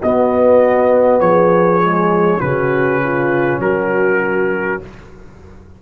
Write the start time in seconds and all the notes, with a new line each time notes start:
0.00 B3 F#4 D#5
1.20 F3 G#4 C#5
1.82 G#3
2.40 C#3 C#4 F#4 B4
3.03 F4
3.59 F#3 F#4 A#4